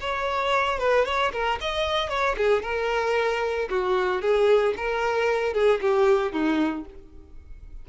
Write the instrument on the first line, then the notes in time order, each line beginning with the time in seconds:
violin
0.00 C#5
0.78 B4
1.05 C#5
1.32 A#4
1.60 D#5
2.09 C#5
2.37 G#4
2.62 A#4
3.69 F#4
4.21 G#4
4.76 A#4
5.53 G#4
5.81 G4
6.32 D#4